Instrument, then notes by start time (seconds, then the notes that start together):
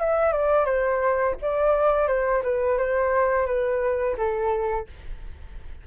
flute
0.00 E5
0.33 D5
0.65 C5
1.42 D5
2.08 C5
2.43 B4
2.78 C5
3.46 B4
4.17 A4